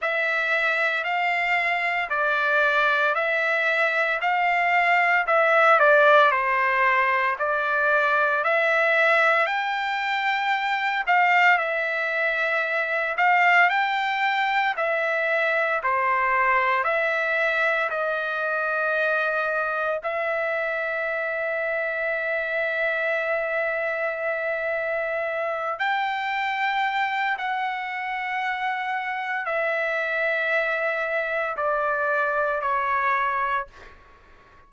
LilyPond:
\new Staff \with { instrumentName = "trumpet" } { \time 4/4 \tempo 4 = 57 e''4 f''4 d''4 e''4 | f''4 e''8 d''8 c''4 d''4 | e''4 g''4. f''8 e''4~ | e''8 f''8 g''4 e''4 c''4 |
e''4 dis''2 e''4~ | e''1~ | e''8 g''4. fis''2 | e''2 d''4 cis''4 | }